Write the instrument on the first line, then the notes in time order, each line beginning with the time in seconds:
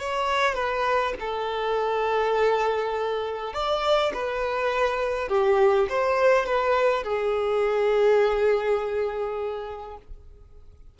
violin
0.00 C#5
0.55 B4
1.20 A4
3.54 D5
4.14 B4
5.29 G4
5.90 C5
6.46 B4
7.04 G#4